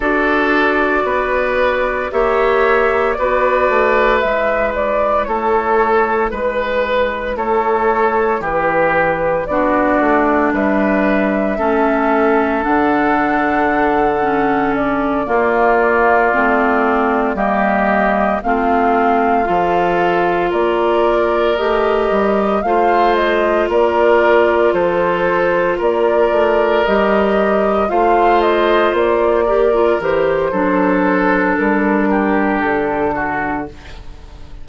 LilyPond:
<<
  \new Staff \with { instrumentName = "flute" } { \time 4/4 \tempo 4 = 57 d''2 e''4 d''4 | e''8 d''8 cis''4 b'4 cis''4 | b'4 d''4 e''2 | fis''2 d''2~ |
d''8 dis''4 f''2 d''8~ | d''8 dis''4 f''8 dis''8 d''4 c''8~ | c''8 d''4 dis''4 f''8 dis''8 d''8~ | d''8 c''4. ais'4 a'4 | }
  \new Staff \with { instrumentName = "oboe" } { \time 4/4 a'4 b'4 cis''4 b'4~ | b'4 a'4 b'4 a'4 | g'4 fis'4 b'4 a'4~ | a'2~ a'8 f'4.~ |
f'8 g'4 f'4 a'4 ais'8~ | ais'4. c''4 ais'4 a'8~ | a'8 ais'2 c''4. | ais'4 a'4. g'4 fis'8 | }
  \new Staff \with { instrumentName = "clarinet" } { \time 4/4 fis'2 g'4 fis'4 | e'1~ | e'4 d'2 cis'4 | d'4. cis'4 ais4 c'8~ |
c'8 ais4 c'4 f'4.~ | f'8 g'4 f'2~ f'8~ | f'4. g'4 f'4. | g'16 f'16 g'8 d'2. | }
  \new Staff \with { instrumentName = "bassoon" } { \time 4/4 d'4 b4 ais4 b8 a8 | gis4 a4 gis4 a4 | e4 b8 a8 g4 a4 | d2~ d8 ais4 a8~ |
a8 g4 a4 f4 ais8~ | ais8 a8 g8 a4 ais4 f8~ | f8 ais8 a8 g4 a4 ais8~ | ais8 e8 fis4 g4 d4 | }
>>